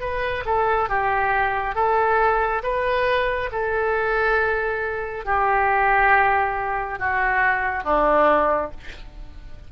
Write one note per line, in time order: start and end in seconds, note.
0.00 0.44 B4
0.45 0.89 A4
0.89 1.75 G4
1.75 2.62 A4
2.63 3.50 B4
3.52 5.25 A4
5.25 6.99 G4
6.99 7.84 F#4
7.84 8.71 D4